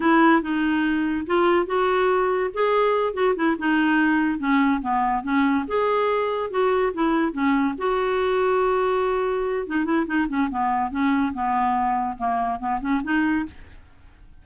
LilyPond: \new Staff \with { instrumentName = "clarinet" } { \time 4/4 \tempo 4 = 143 e'4 dis'2 f'4 | fis'2 gis'4. fis'8 | e'8 dis'2 cis'4 b8~ | b8 cis'4 gis'2 fis'8~ |
fis'8 e'4 cis'4 fis'4.~ | fis'2. dis'8 e'8 | dis'8 cis'8 b4 cis'4 b4~ | b4 ais4 b8 cis'8 dis'4 | }